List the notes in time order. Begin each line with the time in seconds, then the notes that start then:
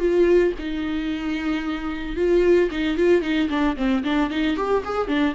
0.00 F4
0.59 D#4
2.17 F4
2.71 D#4
2.97 F4
3.22 D#4
3.50 D4
3.77 C4
4.04 D4
4.31 D#4
4.57 G4
4.85 G#4
5.08 D4